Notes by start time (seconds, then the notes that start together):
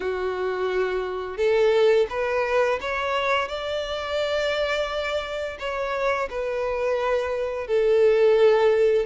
0.00 F#4
1.37 A4
2.09 B4
2.80 C#5
3.48 D5
5.59 C#5
6.29 B4
7.67 A4